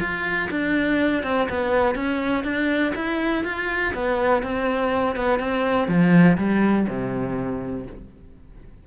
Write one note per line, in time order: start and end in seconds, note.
0.00 0.49 F4
0.51 1.24 D4
1.24 1.48 C4
1.50 1.96 B3
1.96 2.44 C#4
2.44 2.94 D4
2.96 3.45 E4
3.45 3.94 F4
3.95 4.43 B3
4.43 5.16 C4
5.16 5.40 B3
5.40 5.88 C4
5.88 6.38 F3
6.38 6.87 G3
6.88 7.87 C3